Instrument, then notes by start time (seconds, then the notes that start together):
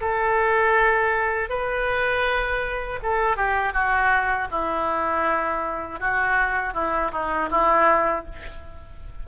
oboe
0.00 A4
1.49 B4
3.02 A4
3.36 G4
3.73 F#4
4.51 E4
6.00 F#4
6.74 E4
7.11 D#4
7.50 E4